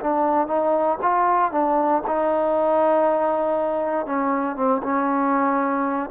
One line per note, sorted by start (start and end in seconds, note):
0.00 0.47 D4
0.47 0.98 D#4
1.02 1.52 F4
1.52 2.02 D4
2.07 4.06 D#4
4.06 4.56 C#4
4.56 4.81 C4
4.83 6.10 C#4